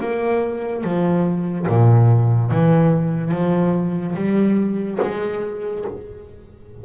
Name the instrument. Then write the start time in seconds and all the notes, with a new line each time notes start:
double bass
0.00 A#3
0.83 F3
1.68 A#2
2.51 E3
3.31 F3
4.15 G3
5.02 G#3